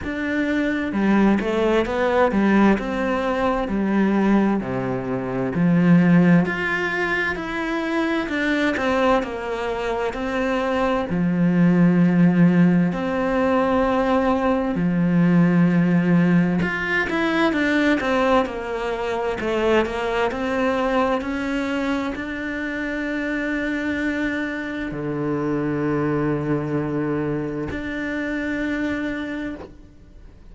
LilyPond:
\new Staff \with { instrumentName = "cello" } { \time 4/4 \tempo 4 = 65 d'4 g8 a8 b8 g8 c'4 | g4 c4 f4 f'4 | e'4 d'8 c'8 ais4 c'4 | f2 c'2 |
f2 f'8 e'8 d'8 c'8 | ais4 a8 ais8 c'4 cis'4 | d'2. d4~ | d2 d'2 | }